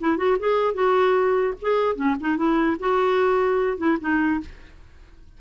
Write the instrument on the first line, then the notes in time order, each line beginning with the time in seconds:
clarinet
0.00 E4
0.17 F#4
0.39 G#4
0.74 F#4
1.61 G#4
1.95 C#4
2.20 D#4
2.37 E4
2.79 F#4
3.77 E4
4.00 D#4